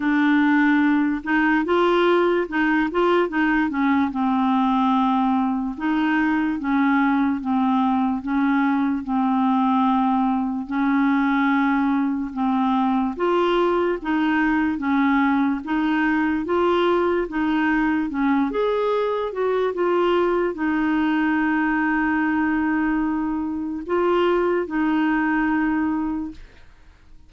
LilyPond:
\new Staff \with { instrumentName = "clarinet" } { \time 4/4 \tempo 4 = 73 d'4. dis'8 f'4 dis'8 f'8 | dis'8 cis'8 c'2 dis'4 | cis'4 c'4 cis'4 c'4~ | c'4 cis'2 c'4 |
f'4 dis'4 cis'4 dis'4 | f'4 dis'4 cis'8 gis'4 fis'8 | f'4 dis'2.~ | dis'4 f'4 dis'2 | }